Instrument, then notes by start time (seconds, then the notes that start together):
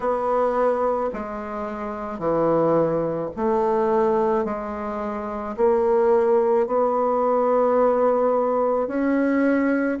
bassoon
0.00 B3
1.13 G#3
2.18 E3
3.36 A3
4.44 G#3
5.56 A#3
6.67 B3
8.87 C#4